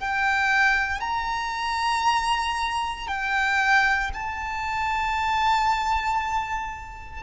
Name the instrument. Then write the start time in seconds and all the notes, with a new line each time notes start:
violin
0.00 G5
1.01 A#5
3.08 G5
4.14 A5